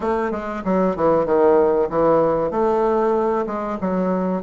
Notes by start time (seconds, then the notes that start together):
0.00 A3
0.31 G#3
0.64 F#3
0.96 E3
1.25 D#3
1.89 E3
2.51 A3
3.46 G#3
3.80 F#3